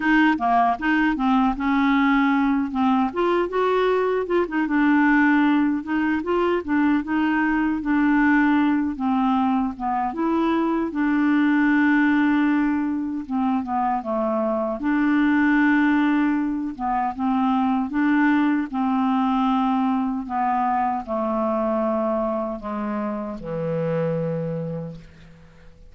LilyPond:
\new Staff \with { instrumentName = "clarinet" } { \time 4/4 \tempo 4 = 77 dis'8 ais8 dis'8 c'8 cis'4. c'8 | f'8 fis'4 f'16 dis'16 d'4. dis'8 | f'8 d'8 dis'4 d'4. c'8~ | c'8 b8 e'4 d'2~ |
d'4 c'8 b8 a4 d'4~ | d'4. b8 c'4 d'4 | c'2 b4 a4~ | a4 gis4 e2 | }